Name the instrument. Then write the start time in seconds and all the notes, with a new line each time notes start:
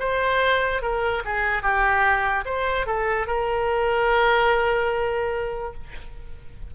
oboe
0.00 C5
0.82 A#4
1.25 G#4
1.63 G4
2.46 C5
2.87 A4
3.27 A#4